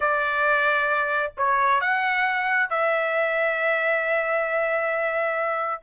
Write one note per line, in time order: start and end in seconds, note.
0.00 1.32 D5
1.37 1.80 C#5
1.80 2.69 F#5
2.69 5.82 E5